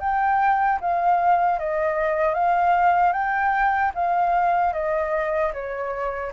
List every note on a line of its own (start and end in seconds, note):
0.00 0.79 G5
0.81 1.59 F5
1.59 2.34 D#5
2.34 3.13 F5
3.13 3.92 G5
3.95 4.73 F5
4.73 5.52 D#5
5.54 6.33 C#5